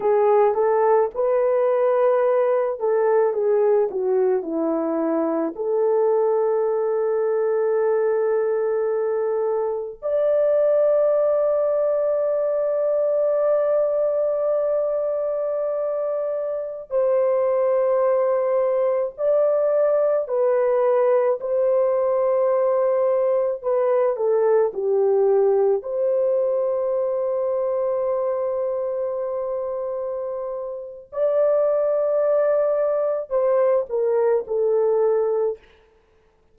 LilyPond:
\new Staff \with { instrumentName = "horn" } { \time 4/4 \tempo 4 = 54 gis'8 a'8 b'4. a'8 gis'8 fis'8 | e'4 a'2.~ | a'4 d''2.~ | d''2.~ d''16 c''8.~ |
c''4~ c''16 d''4 b'4 c''8.~ | c''4~ c''16 b'8 a'8 g'4 c''8.~ | c''1 | d''2 c''8 ais'8 a'4 | }